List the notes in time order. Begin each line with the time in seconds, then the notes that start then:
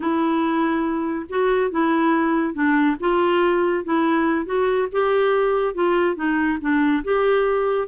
0.00 E4
1.29 F#4
1.71 E4
2.54 D4
3.00 F4
3.84 E4
4.45 F#4
4.91 G4
5.74 F4
6.15 D#4
6.60 D4
7.03 G4